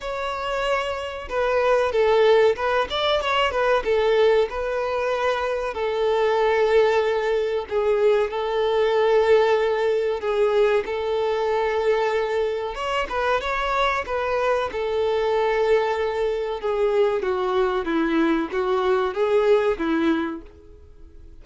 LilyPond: \new Staff \with { instrumentName = "violin" } { \time 4/4 \tempo 4 = 94 cis''2 b'4 a'4 | b'8 d''8 cis''8 b'8 a'4 b'4~ | b'4 a'2. | gis'4 a'2. |
gis'4 a'2. | cis''8 b'8 cis''4 b'4 a'4~ | a'2 gis'4 fis'4 | e'4 fis'4 gis'4 e'4 | }